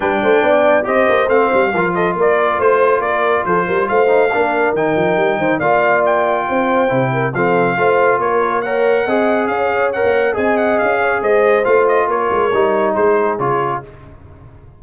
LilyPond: <<
  \new Staff \with { instrumentName = "trumpet" } { \time 4/4 \tempo 4 = 139 g''2 dis''4 f''4~ | f''8 dis''8 d''4 c''4 d''4 | c''4 f''2 g''4~ | g''4 f''4 g''2~ |
g''4 f''2 cis''4 | fis''2 f''4 fis''4 | gis''8 fis''8 f''4 dis''4 f''8 dis''8 | cis''2 c''4 cis''4 | }
  \new Staff \with { instrumentName = "horn" } { \time 4/4 b'8 c''8 d''4 c''2 | ais'8 a'8 ais'4 c''4 ais'4 | a'8 ais'8 c''4 ais'2~ | ais'8 c''8 d''2 c''4~ |
c''8 ais'8 a'4 c''4 ais'4 | cis''4 dis''4 cis''2 | dis''4. cis''8 c''2 | ais'2 gis'2 | }
  \new Staff \with { instrumentName = "trombone" } { \time 4/4 d'2 g'4 c'4 | f'1~ | f'4. dis'8 d'4 dis'4~ | dis'4 f'2. |
e'4 c'4 f'2 | ais'4 gis'2 ais'4 | gis'2. f'4~ | f'4 dis'2 f'4 | }
  \new Staff \with { instrumentName = "tuba" } { \time 4/4 g8 a8 b4 c'8 ais8 a8 g8 | f4 ais4 a4 ais4 | f8 g8 a4 ais4 dis8 f8 | g8 dis8 ais2 c'4 |
c4 f4 a4 ais4~ | ais4 c'4 cis'4~ cis'16 ais8. | c'4 cis'4 gis4 a4 | ais8 gis8 g4 gis4 cis4 | }
>>